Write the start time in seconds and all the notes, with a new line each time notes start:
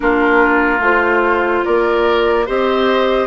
0.00 A#3 D4 F4 A#4
0.79 A3 F4 C5
1.64 A#3 A#4 D5
2.46 C4 G4 C5 D#5